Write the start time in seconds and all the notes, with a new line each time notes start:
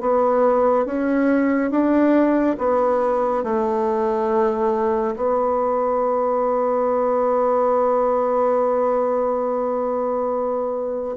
0.00 B3
0.85 C#4
1.71 D4
2.58 B3
3.44 A3
5.16 B3